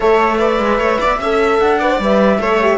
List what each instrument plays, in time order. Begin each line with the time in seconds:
0.00 cello A3, horn A4, viola C#5, flute E5
0.38 horn B4, viola D5
0.59 cello G#3
0.77 cello A3, viola C#5
1.00 cello B3, viola D5
1.19 cello C#4, horn A4, viola E5
1.59 cello D4, flute F#5
1.79 horn B4, viola D5
1.90 horn C5
1.99 cello G3, horn B4, flute E5
2.38 cello A3, horn A4, viola C#5
2.61 horn G4